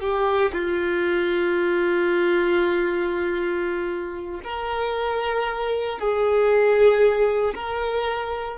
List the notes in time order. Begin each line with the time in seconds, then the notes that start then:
0.00 G4
0.52 F4
4.44 A#4
5.99 G#4
7.54 A#4